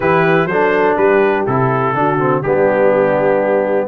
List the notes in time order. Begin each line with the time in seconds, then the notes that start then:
0.00 E3 E4 G4 B4
0.45 F#3 D4 A4 C5
0.96 G3 G4 B4
1.46 C3 E4 A4
1.94 D3 D4 F#4
2.19 C4
2.42 G3 B3 D4 G4